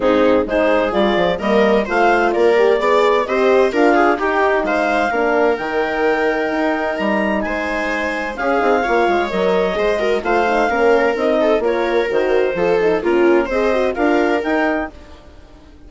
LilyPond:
<<
  \new Staff \with { instrumentName = "clarinet" } { \time 4/4 \tempo 4 = 129 gis'4 c''4 d''4 dis''4 | f''4 d''2 dis''4 | f''4 g''4 f''2 | g''2. ais''4 |
gis''2 f''2 | dis''2 f''2 | dis''4 cis''4 c''2 | ais'4 dis''4 f''4 g''4 | }
  \new Staff \with { instrumentName = "viola" } { \time 4/4 dis'4 gis'2 ais'4 | c''4 ais'4 d''4 c''4 | ais'8 gis'8 g'4 c''4 ais'4~ | ais'1 |
c''2 gis'4 cis''4~ | cis''4 c''8 ais'8 c''4 ais'4~ | ais'8 a'8 ais'2 a'4 | f'4 c''4 ais'2 | }
  \new Staff \with { instrumentName = "horn" } { \time 4/4 c'4 dis'4 f'4 ais4 | f'4. g'8 gis'4 g'4 | f'4 dis'2 d'4 | dis'1~ |
dis'2 cis'8 dis'8 f'4 | ais'4 gis'8 fis'8 f'8 dis'8 cis'4 | dis'4 f'4 fis'4 f'8 dis'8 | cis'4 gis'8 fis'8 f'4 dis'4 | }
  \new Staff \with { instrumentName = "bassoon" } { \time 4/4 gis,4 gis4 g8 f8 g4 | a4 ais4 b4 c'4 | d'4 dis'4 gis4 ais4 | dis2 dis'4 g4 |
gis2 cis'8 c'8 ais8 gis8 | fis4 gis4 a4 ais4 | c'4 ais4 dis4 f4 | ais4 c'4 d'4 dis'4 | }
>>